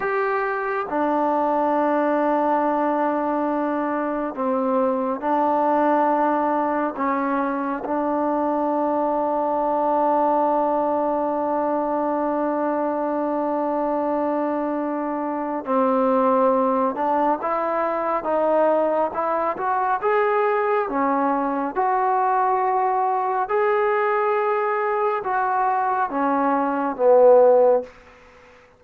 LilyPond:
\new Staff \with { instrumentName = "trombone" } { \time 4/4 \tempo 4 = 69 g'4 d'2.~ | d'4 c'4 d'2 | cis'4 d'2.~ | d'1~ |
d'2 c'4. d'8 | e'4 dis'4 e'8 fis'8 gis'4 | cis'4 fis'2 gis'4~ | gis'4 fis'4 cis'4 b4 | }